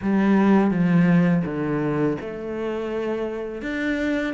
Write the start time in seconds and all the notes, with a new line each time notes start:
0.02 G3
0.70 F3
1.45 D3
2.20 A3
3.61 D4